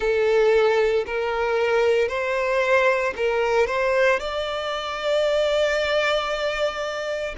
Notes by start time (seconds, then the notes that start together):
0.00 A4
1.06 A#4
2.08 C5
3.16 A#4
3.67 C5
4.19 D5